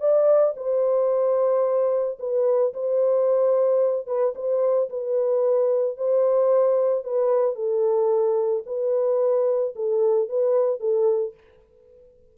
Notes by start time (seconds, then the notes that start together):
0.00 D5
0.57 C5
2.19 B4
2.73 C5
4.07 B4
4.35 C5
4.89 B4
5.97 C5
7.04 B4
7.55 A4
8.66 B4
9.76 A4
10.29 B4
10.80 A4